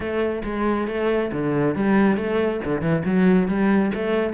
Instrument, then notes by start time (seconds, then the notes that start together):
cello
0.00 A3
0.43 G#3
0.87 A3
1.32 D3
1.75 G3
2.16 A3
2.64 D3
2.81 E3
3.05 F#3
3.48 G3
3.94 A3